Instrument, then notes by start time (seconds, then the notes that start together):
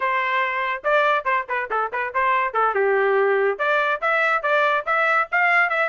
trumpet
0.00 C5
0.83 D5
1.24 C5
1.48 B4
1.70 A4
1.92 B4
2.14 C5
2.53 A4
2.74 G4
3.58 D5
4.01 E5
4.42 D5
4.86 E5
5.31 F5
5.69 E5